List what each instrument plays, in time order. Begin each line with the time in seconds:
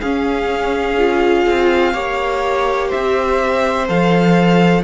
0.00 cello C#4, viola C#4, violin G#4 F5
0.99 viola F4
1.46 cello C4
1.93 cello A#3, viola G4, violin C#5
2.88 violin C5 E5
2.94 cello C4
3.88 cello F3, viola A4, violin F5